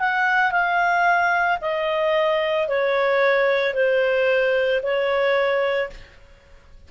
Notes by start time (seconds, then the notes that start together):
0.00 F#5
0.52 F5
1.62 D#5
2.68 C#5
3.74 C5
4.83 C#5